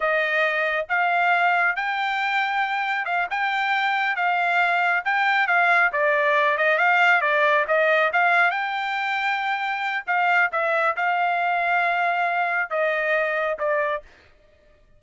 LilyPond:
\new Staff \with { instrumentName = "trumpet" } { \time 4/4 \tempo 4 = 137 dis''2 f''2 | g''2. f''8 g''8~ | g''4. f''2 g''8~ | g''8 f''4 d''4. dis''8 f''8~ |
f''8 d''4 dis''4 f''4 g''8~ | g''2. f''4 | e''4 f''2.~ | f''4 dis''2 d''4 | }